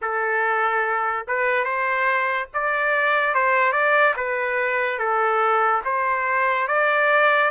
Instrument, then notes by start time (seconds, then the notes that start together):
trumpet
0.01 A4
1.27 B4
1.64 C5
2.53 D5
3.34 C5
3.72 D5
4.16 B4
4.98 A4
5.84 C5
6.67 D5